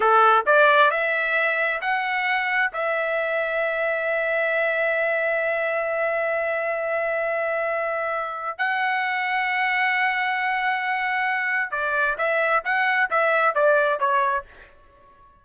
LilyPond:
\new Staff \with { instrumentName = "trumpet" } { \time 4/4 \tempo 4 = 133 a'4 d''4 e''2 | fis''2 e''2~ | e''1~ | e''1~ |
e''2. fis''4~ | fis''1~ | fis''2 d''4 e''4 | fis''4 e''4 d''4 cis''4 | }